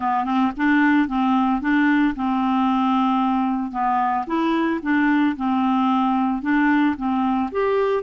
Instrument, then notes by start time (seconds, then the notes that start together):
clarinet
0.00 B3
0.24 C4
0.56 D4
1.08 C4
1.61 D4
2.15 C4
3.71 B3
4.26 E4
4.82 D4
5.36 C4
6.42 D4
6.96 C4
7.51 G4